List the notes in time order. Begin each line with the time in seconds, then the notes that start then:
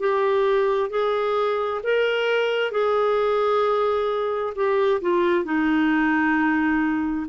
0.00 G4
0.90 G#4
1.83 A#4
2.72 G#4
4.56 G4
5.02 F4
5.45 D#4